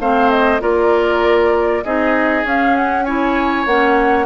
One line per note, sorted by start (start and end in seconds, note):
0.00 0.61 A3
0.00 0.60 C4
0.00 0.62 C5
0.00 0.30 F5
0.30 0.61 D#5
0.60 1.84 A#3
0.60 1.83 F4
0.60 1.84 A#4
0.60 1.84 D5
1.84 2.44 C4
1.84 2.45 D#4
1.84 3.05 G#4
1.84 2.45 D#5
2.44 3.66 C#4
2.44 3.06 C#4
2.44 2.76 F5
2.76 3.04 F#5
3.04 3.68 E4
3.04 4.26 C#5
3.04 3.65 G#5
3.66 4.26 A#3
3.66 4.26 C#4
3.66 4.26 F#5